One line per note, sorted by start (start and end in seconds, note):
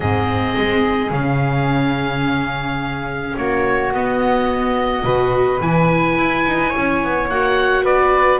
0.00 0.55 G#2
0.00 1.11 C4
0.00 3.36 G#4
0.00 1.11 D#5
0.57 1.11 G#3
1.11 3.35 C#3
1.11 3.91 C#4
1.11 3.37 F5
3.36 3.92 A#3
3.36 5.04 F#4
3.36 3.93 C#5
3.92 5.04 B3
3.92 5.02 B3
3.92 5.61 D#5
5.02 5.60 B2
5.02 5.58 F#4
5.02 6.69 B4
5.61 6.17 E3
5.61 7.30 E4
5.61 7.29 G#5
6.17 6.45 E4
6.46 6.74 D#4
6.69 7.82 C#5
6.76 7.04 C#4
7.04 7.29 B3
7.29 7.84 A#3
7.29 8.40 F#4
7.29 7.85 F#5
7.83 8.40 B3
7.83 8.39 B4
7.83 8.40 D5